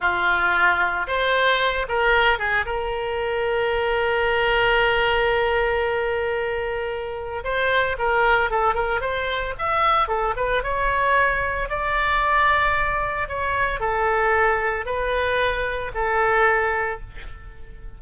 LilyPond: \new Staff \with { instrumentName = "oboe" } { \time 4/4 \tempo 4 = 113 f'2 c''4. ais'8~ | ais'8 gis'8 ais'2.~ | ais'1~ | ais'2 c''4 ais'4 |
a'8 ais'8 c''4 e''4 a'8 b'8 | cis''2 d''2~ | d''4 cis''4 a'2 | b'2 a'2 | }